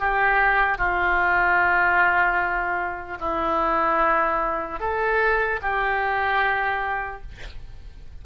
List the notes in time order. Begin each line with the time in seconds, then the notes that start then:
0.00 G4
0.78 F4
3.20 E4
4.80 A4
5.62 G4